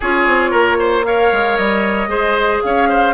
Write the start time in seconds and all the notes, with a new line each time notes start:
0.00 C#4 F4 G#4 C#5
0.26 C4
0.50 A#3 A#4
0.79 C5
1.04 A#4 C#5 F5
1.32 G#3
1.56 G3 D#5
2.07 G#3 G#4 C5
2.62 C#4 C#5 F5
2.88 C5